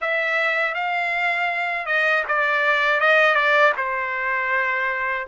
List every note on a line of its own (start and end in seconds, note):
0.01 0.74 E5
0.74 1.86 F5
1.86 2.23 D#5
2.28 3.00 D5
3.00 3.35 D#5
3.35 3.72 D5
3.77 5.27 C5